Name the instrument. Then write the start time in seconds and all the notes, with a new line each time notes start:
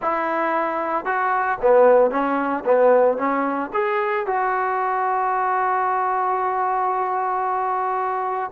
trombone
0.01 E4
1.05 F#4
1.61 B3
2.10 C#4
2.65 B3
3.17 C#4
3.73 G#4
4.26 F#4